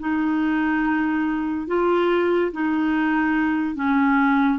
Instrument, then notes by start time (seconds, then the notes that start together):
clarinet
0.00 D#4
1.67 F4
2.52 D#4
3.75 C#4